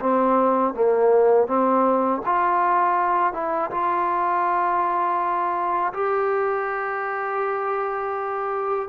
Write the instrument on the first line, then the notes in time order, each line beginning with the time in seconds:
trombone
0.00 C4
0.74 A#3
1.47 C4
2.25 F4
3.33 E4
3.70 F4
5.93 G4